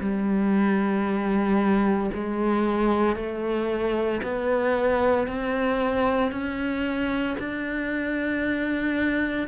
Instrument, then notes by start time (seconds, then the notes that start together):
cello
0.00 G3
2.14 G#3
3.16 A3
4.22 B3
5.27 C4
6.32 C#4
7.39 D4